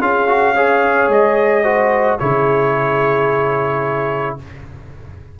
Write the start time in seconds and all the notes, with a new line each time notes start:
0.00 C#4 F4 G#4 F5
0.28 F#4
0.55 G#4 C#5
1.09 G#3 D#5
1.64 F#4 C5
2.19 C#3 E4 G#4 C#5